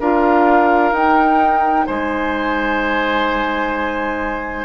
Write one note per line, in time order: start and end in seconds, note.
0.00 0.92 D4
0.00 0.93 F4
0.00 1.87 A#4
0.00 0.93 F5
0.92 1.86 D#4
0.92 4.65 D#4
0.92 1.87 G5
1.87 4.65 G#3
1.87 4.65 C5
1.87 4.65 G#5